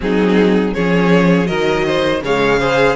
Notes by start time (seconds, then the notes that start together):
0.00 F#3 C4 D#4 G#4
0.73 F3 C#4 G#4 C#5
1.45 D#3 F#3 A#4 D#5
1.85 C5
2.21 C#3 G#3 C#5 F5
2.59 G#4 C5